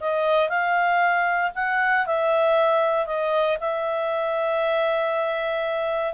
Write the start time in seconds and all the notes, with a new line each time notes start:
0.00 D#5
0.49 F5
1.55 F#5
2.06 E5
3.06 D#5
3.60 E5